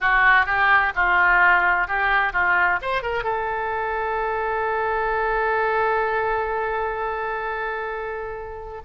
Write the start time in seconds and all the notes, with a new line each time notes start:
0.00 F#4
0.46 G4
0.95 F4
1.87 G4
2.33 F4
2.81 C5
3.02 A#4
3.23 A4